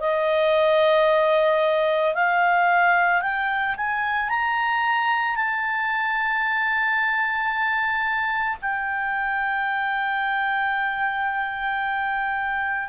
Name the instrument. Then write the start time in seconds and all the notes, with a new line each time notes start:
clarinet
0.00 D#5
2.15 F5
3.22 G5
3.77 G#5
4.30 A#5
5.36 A5
8.62 G5